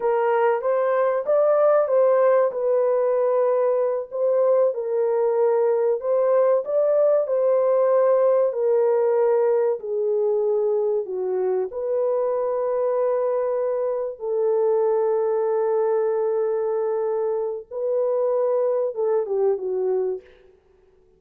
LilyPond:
\new Staff \with { instrumentName = "horn" } { \time 4/4 \tempo 4 = 95 ais'4 c''4 d''4 c''4 | b'2~ b'8 c''4 ais'8~ | ais'4. c''4 d''4 c''8~ | c''4. ais'2 gis'8~ |
gis'4. fis'4 b'4.~ | b'2~ b'8 a'4.~ | a'1 | b'2 a'8 g'8 fis'4 | }